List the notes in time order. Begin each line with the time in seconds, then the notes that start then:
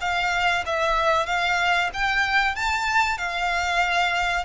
0.00 F5
0.65 E5
1.26 F5
1.93 G5
2.55 A5
3.17 F5